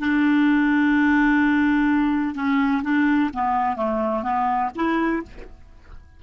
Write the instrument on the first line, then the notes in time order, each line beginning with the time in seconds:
clarinet
0.00 D4
2.36 C#4
2.84 D4
3.34 B3
3.77 A3
4.23 B3
4.76 E4